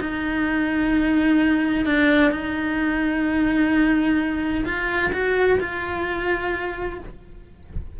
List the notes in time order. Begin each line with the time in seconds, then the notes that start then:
0.00 D#4
1.85 D4
2.32 D#4
4.65 F4
5.12 F#4
5.60 F4